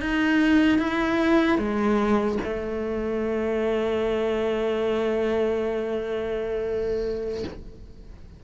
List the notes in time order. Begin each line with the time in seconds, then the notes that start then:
0.00 D#4
0.79 E4
1.58 G#3
2.44 A3